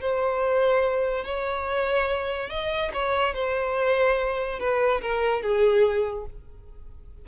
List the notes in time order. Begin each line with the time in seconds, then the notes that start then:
0.00 C5
1.24 C#5
2.49 D#5
2.93 C#5
3.34 C5
4.59 B4
5.01 A#4
5.42 G#4